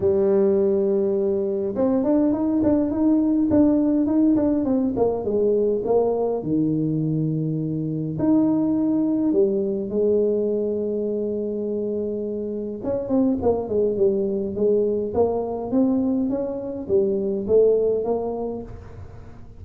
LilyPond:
\new Staff \with { instrumentName = "tuba" } { \time 4/4 \tempo 4 = 103 g2. c'8 d'8 | dis'8 d'8 dis'4 d'4 dis'8 d'8 | c'8 ais8 gis4 ais4 dis4~ | dis2 dis'2 |
g4 gis2.~ | gis2 cis'8 c'8 ais8 gis8 | g4 gis4 ais4 c'4 | cis'4 g4 a4 ais4 | }